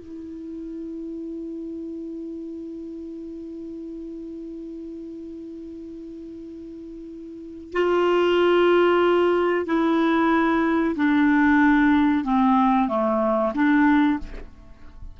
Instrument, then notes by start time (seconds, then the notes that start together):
clarinet
0.00 E4
7.73 F4
9.67 E4
10.96 D4
12.25 C4
12.89 A3
13.55 D4